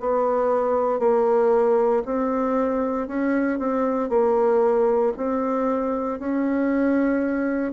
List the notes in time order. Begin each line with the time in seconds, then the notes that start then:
0.00 B3
0.99 A#3
2.05 C4
3.08 C#4
3.59 C4
4.09 A#3
5.17 C4
6.19 C#4